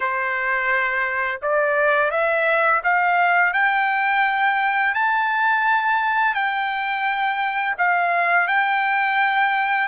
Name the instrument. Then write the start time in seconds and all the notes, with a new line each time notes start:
trumpet
0.00 C5
1.42 D5
2.10 E5
2.83 F5
3.53 G5
4.94 A5
6.34 G5
7.78 F5
8.47 G5